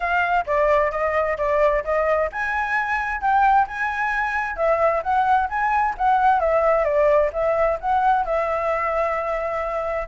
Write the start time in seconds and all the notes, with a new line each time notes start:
0.00 F5
0.46 D5
0.91 D#5
1.37 D5
1.84 D#5
2.32 G#5
3.21 G5
3.67 G#5
4.56 E5
5.03 F#5
5.49 G#5
5.97 F#5
6.39 E5
6.84 D5
7.32 E5
7.80 F#5
8.25 E5